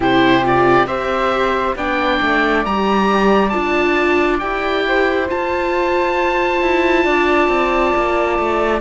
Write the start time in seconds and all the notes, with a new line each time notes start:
0.00 C3 E4 G4 C5
0.42 F4 D5
0.86 C4 G4 C5 E5
1.75 B3 D4 D5 G5
2.21 A3
2.65 G3 G4 A#5
3.49 D4 F4 A5
4.39 E4 G4 G5
4.87 C5
5.27 F4 A5
6.61 E4
7.04 D4 D5
7.48 C4
7.95 A#3
8.38 A3